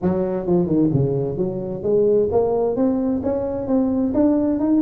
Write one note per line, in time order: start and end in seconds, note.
0.01 0.46 F#3
0.46 0.66 F3
0.66 0.89 D#3
0.93 1.37 C#3
1.37 1.83 F#3
1.83 2.28 G#3
2.31 2.76 A#3
2.76 3.21 C4
3.23 3.67 C#4
3.67 4.13 C4
4.13 4.59 D4
4.59 4.81 D#4